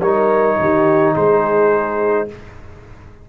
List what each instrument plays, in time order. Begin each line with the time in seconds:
0.00 tuba G3, trombone D#4, horn A#4, trumpet C#5
0.59 tuba D#3, horn G4
1.15 tuba G#3, horn G#4, trumpet C5